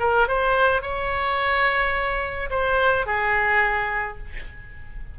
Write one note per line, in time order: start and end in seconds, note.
0.00 0.28 A#4
0.28 0.82 C5
0.82 2.50 C#5
2.51 3.06 C5
3.06 4.19 G#4